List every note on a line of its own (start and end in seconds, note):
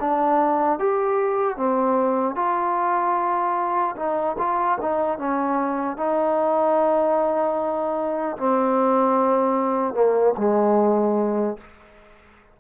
0.00 0.79 D4
0.79 1.57 G4
1.57 2.35 C4
2.35 3.95 F4
3.96 4.36 D#4
4.38 4.78 F4
4.81 5.18 D#4
5.18 5.97 C#4
5.97 8.37 D#4
8.37 9.94 C4
9.94 10.34 A#3
10.37 11.57 G#3